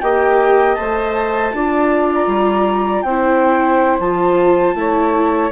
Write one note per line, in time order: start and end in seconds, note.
0.00 0.78 A#3
0.00 0.77 G4
0.00 1.54 D#5
0.00 0.74 G5
0.74 1.53 A3
0.74 1.53 C5
0.74 2.07 A5
1.53 2.26 D4
1.53 3.06 F4
1.53 3.04 D5
2.14 3.02 A#5
2.26 3.02 G3
3.02 3.98 C4
3.02 4.75 C5
3.02 3.97 G5
3.09 4.01 E4
3.99 4.74 F3
3.99 4.76 F4
3.99 5.51 A5
4.74 5.50 A3
4.74 5.51 E4
4.74 5.51 C#5